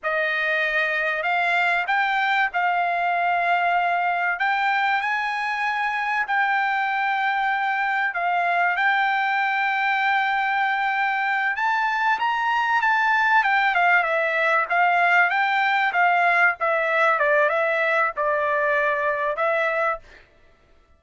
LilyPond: \new Staff \with { instrumentName = "trumpet" } { \time 4/4 \tempo 4 = 96 dis''2 f''4 g''4 | f''2. g''4 | gis''2 g''2~ | g''4 f''4 g''2~ |
g''2~ g''8 a''4 ais''8~ | ais''8 a''4 g''8 f''8 e''4 f''8~ | f''8 g''4 f''4 e''4 d''8 | e''4 d''2 e''4 | }